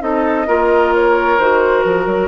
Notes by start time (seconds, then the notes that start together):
0.00 C4 D#4 A4 D#5
0.47 A#3 F4 A#4
0.94 C#5
1.39 D#3 F#4 C5
1.83 F3 A#4
2.06 F#3